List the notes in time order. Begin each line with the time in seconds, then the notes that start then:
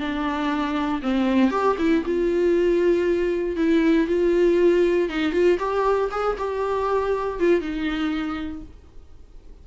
0.00 D4
1.03 C4
1.51 G4
1.79 E4
2.06 F4
3.57 E4
4.08 F4
5.10 D#4
5.33 F4
5.59 G4
6.12 G#4
6.38 G4
7.40 F4
7.61 D#4